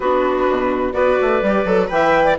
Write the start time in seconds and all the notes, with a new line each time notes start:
0.00 B3 D4 F#4 B4
0.49 B2
0.92 B3 F#4 B4 D5
1.21 A3
1.41 G3 G4
1.65 F#3 A4
1.87 E3 B4 E5 G5
2.24 D5